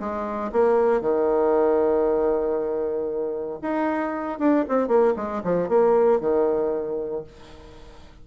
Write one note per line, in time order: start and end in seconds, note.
0.00 0.52 G#3
0.52 1.01 A#3
1.01 3.60 D#3
3.62 4.39 D#4
4.39 4.65 D4
4.69 4.88 C4
4.88 5.14 A#3
5.16 5.42 G#3
5.44 5.69 F3
5.69 6.20 A#3
6.20 7.24 D#3